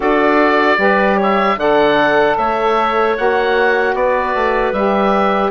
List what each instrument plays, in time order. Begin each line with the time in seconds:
0.00 bassoon D4, saxophone F#4, clarinet A4, oboe D5
0.76 bassoon G3, saxophone G4, clarinet B4
1.17 clarinet C#5, oboe E5
1.57 bassoon D3, saxophone A4, clarinet D5, oboe F#5
2.37 bassoon A3, clarinet C#5, oboe E5
3.15 bassoon A#3, saxophone F#4, oboe F#5
3.94 bassoon B3, clarinet B4, oboe D5
4.34 bassoon A3
4.72 bassoon G3, saxophone G4, oboe E5